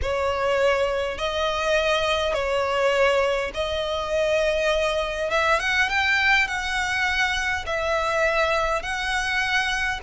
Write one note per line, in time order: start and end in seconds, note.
0.02 1.18 C#5
1.18 2.33 D#5
2.33 3.51 C#5
3.54 5.30 D#5
5.30 5.59 E5
5.59 5.89 F#5
5.89 6.47 G5
6.47 7.65 F#5
7.66 8.82 E5
8.82 9.99 F#5